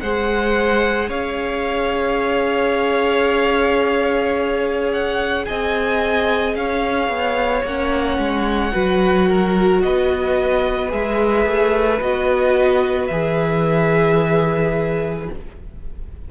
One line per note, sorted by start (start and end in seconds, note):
0.00 1.09 G#3
0.00 7.66 G#4
0.00 1.09 C5
0.00 1.09 F#5
1.09 5.45 C#4
1.09 5.45 C#5
1.09 4.91 F5
4.92 5.45 F#5
5.45 6.55 C4
5.45 6.57 D#5
5.45 6.54 G#5
6.55 7.08 C#4
6.55 8.74 C#5
6.55 7.64 F5
7.08 7.63 B3
7.63 8.17 A#3
7.63 8.72 C#4
7.63 9.82 F#5
8.17 8.72 G#3
8.72 9.83 F#3
8.72 10.89 F#4
8.72 9.28 B4
9.28 9.82 A#4
9.82 10.92 B3
9.82 15.30 B4
9.82 10.91 D#5
10.89 11.45 G#3
10.89 11.98 G#4
10.89 12.01 E5
11.45 12.00 A3
12.00 13.09 B3
12.00 13.10 F#4
12.00 13.07 D#5
13.07 15.28 E3
13.07 15.29 G#4
13.07 15.25 E5